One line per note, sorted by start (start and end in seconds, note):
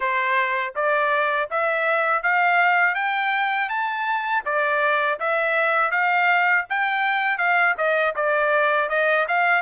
0.00 0.73 C5
0.75 1.49 D5
1.50 2.22 E5
2.22 2.95 F5
2.95 3.69 G5
3.69 4.43 A5
4.45 5.19 D5
5.19 5.91 E5
5.91 6.65 F5
6.69 7.37 G5
7.37 7.74 F5
7.77 8.14 D#5
8.15 8.89 D5
8.89 9.26 D#5
9.28 9.61 F5